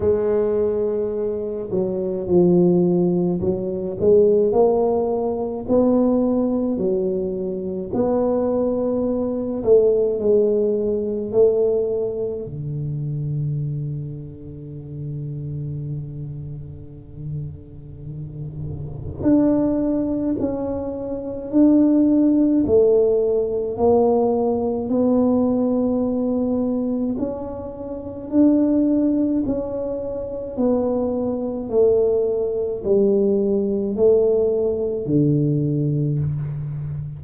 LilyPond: \new Staff \with { instrumentName = "tuba" } { \time 4/4 \tempo 4 = 53 gis4. fis8 f4 fis8 gis8 | ais4 b4 fis4 b4~ | b8 a8 gis4 a4 d4~ | d1~ |
d4 d'4 cis'4 d'4 | a4 ais4 b2 | cis'4 d'4 cis'4 b4 | a4 g4 a4 d4 | }